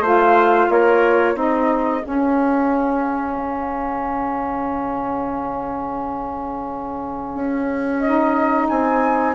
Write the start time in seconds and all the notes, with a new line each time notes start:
0.00 A3 F4 C5 F5
0.69 A#3 A#4 C#5
1.34 C4 D#4 G#4 D#5
2.02 C#4 F5
3.36 C#3
7.34 C#4
7.99 D#4 D#5
8.68 C4 G#5